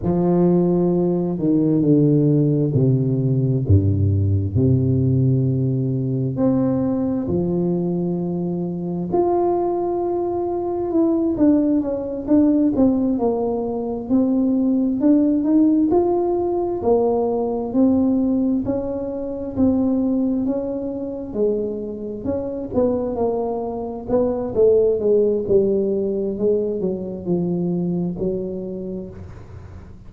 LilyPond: \new Staff \with { instrumentName = "tuba" } { \time 4/4 \tempo 4 = 66 f4. dis8 d4 c4 | g,4 c2 c'4 | f2 f'2 | e'8 d'8 cis'8 d'8 c'8 ais4 c'8~ |
c'8 d'8 dis'8 f'4 ais4 c'8~ | c'8 cis'4 c'4 cis'4 gis8~ | gis8 cis'8 b8 ais4 b8 a8 gis8 | g4 gis8 fis8 f4 fis4 | }